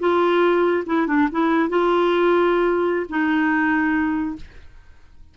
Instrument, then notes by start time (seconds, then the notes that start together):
clarinet
0.00 F4
0.87 E4
1.08 D4
1.32 E4
1.70 F4
3.10 D#4